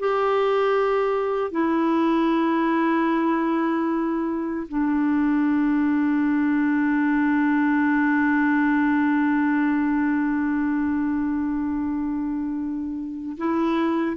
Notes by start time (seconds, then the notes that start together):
0.00 G4
1.51 E4
4.69 D4
13.38 E4